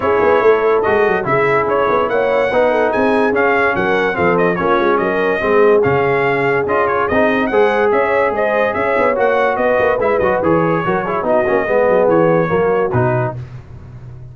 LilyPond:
<<
  \new Staff \with { instrumentName = "trumpet" } { \time 4/4 \tempo 4 = 144 cis''2 dis''4 e''4 | cis''4 fis''2 gis''4 | f''4 fis''4 f''8 dis''8 cis''4 | dis''2 f''2 |
dis''8 cis''8 dis''4 fis''4 e''4 | dis''4 e''4 fis''4 dis''4 | e''8 dis''8 cis''2 dis''4~ | dis''4 cis''2 b'4 | }
  \new Staff \with { instrumentName = "horn" } { \time 4/4 gis'4 a'2 gis'4~ | gis'4 cis''4 b'8 a'8 gis'4~ | gis'4 ais'4 a'4 f'4 | ais'4 gis'2.~ |
gis'2 c''4 cis''4 | c''4 cis''2 b'4~ | b'2 ais'8 gis'8 fis'4 | gis'2 fis'2 | }
  \new Staff \with { instrumentName = "trombone" } { \time 4/4 e'2 fis'4 e'4~ | e'2 dis'2 | cis'2 c'4 cis'4~ | cis'4 c'4 cis'2 |
f'4 dis'4 gis'2~ | gis'2 fis'2 | e'8 fis'8 gis'4 fis'8 e'8 dis'8 cis'8 | b2 ais4 dis'4 | }
  \new Staff \with { instrumentName = "tuba" } { \time 4/4 cis'8 b8 a4 gis8 fis8 cis4 | cis'8 b8 ais4 b4 c'4 | cis'4 fis4 f4 ais8 gis8 | fis4 gis4 cis2 |
cis'4 c'4 gis4 cis'4 | gis4 cis'8 b8 ais4 b8 ais8 | gis8 fis8 e4 fis4 b8 ais8 | gis8 fis8 e4 fis4 b,4 | }
>>